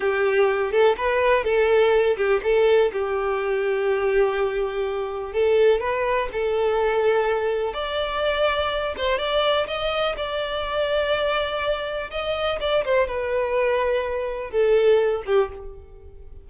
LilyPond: \new Staff \with { instrumentName = "violin" } { \time 4/4 \tempo 4 = 124 g'4. a'8 b'4 a'4~ | a'8 g'8 a'4 g'2~ | g'2. a'4 | b'4 a'2. |
d''2~ d''8 c''8 d''4 | dis''4 d''2.~ | d''4 dis''4 d''8 c''8 b'4~ | b'2 a'4. g'8 | }